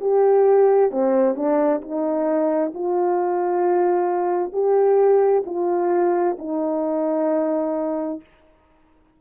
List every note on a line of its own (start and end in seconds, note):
0.00 0.90 G4
0.90 1.35 C4
1.35 1.81 D4
1.81 2.72 D#4
2.74 4.52 F4
4.52 5.43 G4
5.45 6.36 F4
6.38 8.20 D#4